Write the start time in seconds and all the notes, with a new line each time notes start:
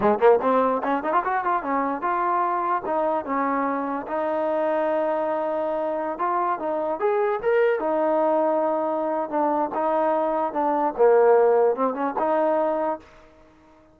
0.00 G#3
0.18 A#3
0.41 C4
0.83 C#4
1.03 D#4
1.12 F4
1.24 F#4
1.44 F4
1.62 C#4
2.01 F4
2.85 D#4
3.25 C#4
4.07 D#4
6.18 F4
6.59 D#4
6.99 G#4
7.42 A#4
7.79 D#4
9.29 D4
9.74 D#4
10.53 D4
10.97 A#3
11.75 C4
11.94 C#4
12.18 D#4